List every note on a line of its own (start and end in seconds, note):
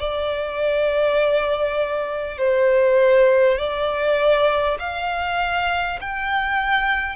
0.00 2.39 D5
2.39 3.59 C5
3.59 4.79 D5
4.79 5.99 F5
6.02 7.17 G5